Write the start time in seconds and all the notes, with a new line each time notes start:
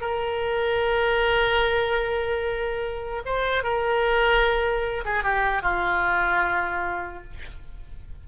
0.00 A#4
3.25 C5
3.63 A#4
5.05 G#4
5.23 G4
5.62 F4